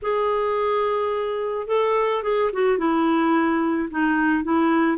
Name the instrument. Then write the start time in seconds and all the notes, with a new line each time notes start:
clarinet
0.02 G#4
1.67 A4
2.22 G#4
2.53 F#4
2.78 E4
3.90 D#4
4.43 E4